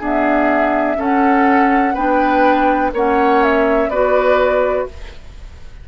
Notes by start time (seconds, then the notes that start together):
0.00 B3 D4 G#4 E5
0.97 C#4 A4 F#5
1.94 B3 D4 B4 G5
2.93 A#3 C#4 C#5 F#5
3.44 E5
3.89 B3 F#4 B4 D5